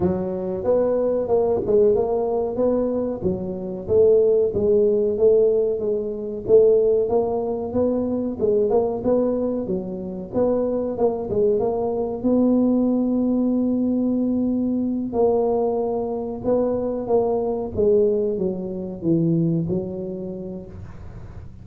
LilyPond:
\new Staff \with { instrumentName = "tuba" } { \time 4/4 \tempo 4 = 93 fis4 b4 ais8 gis8 ais4 | b4 fis4 a4 gis4 | a4 gis4 a4 ais4 | b4 gis8 ais8 b4 fis4 |
b4 ais8 gis8 ais4 b4~ | b2.~ b8 ais8~ | ais4. b4 ais4 gis8~ | gis8 fis4 e4 fis4. | }